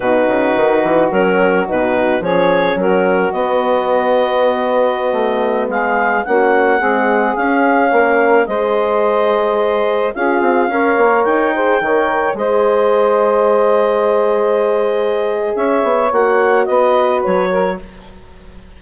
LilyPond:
<<
  \new Staff \with { instrumentName = "clarinet" } { \time 4/4 \tempo 4 = 108 b'2 ais'4 b'4 | cis''4 ais'4 dis''2~ | dis''2~ dis''16 f''4 fis''8.~ | fis''4~ fis''16 f''2 dis''8.~ |
dis''2~ dis''16 f''4.~ f''16~ | f''16 g''2 dis''4.~ dis''16~ | dis''1 | e''4 fis''4 dis''4 cis''4 | }
  \new Staff \with { instrumentName = "saxophone" } { \time 4/4 fis'1 | gis'4 fis'2.~ | fis'2~ fis'16 gis'4 fis'8.~ | fis'16 gis'2 ais'4 c''8.~ |
c''2~ c''16 gis'4 cis''8.~ | cis''8. c''8 cis''4 c''4.~ c''16~ | c''1 | cis''2 b'4. ais'8 | }
  \new Staff \with { instrumentName = "horn" } { \time 4/4 dis'2 cis'4 dis'4 | cis'2 b2~ | b2.~ b16 cis'8.~ | cis'16 gis4 cis'2 gis'8.~ |
gis'2~ gis'16 f'4 ais'8.~ | ais'8. gis'8 ais'4 gis'4.~ gis'16~ | gis'1~ | gis'4 fis'2. | }
  \new Staff \with { instrumentName = "bassoon" } { \time 4/4 b,8 cis8 dis8 e8 fis4 b,4 | f4 fis4 b2~ | b4~ b16 a4 gis4 ais8.~ | ais16 c'4 cis'4 ais4 gis8.~ |
gis2~ gis16 cis'8 c'8 cis'8 ais16~ | ais16 dis'4 dis4 gis4.~ gis16~ | gis1 | cis'8 b8 ais4 b4 fis4 | }
>>